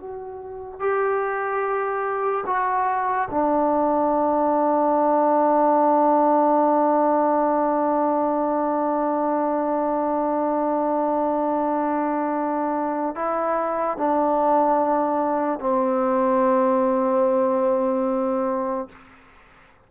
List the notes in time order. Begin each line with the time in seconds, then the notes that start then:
0.00 F#4
0.80 G4
2.47 F#4
3.31 D4
13.15 E4
13.98 D4
15.60 C4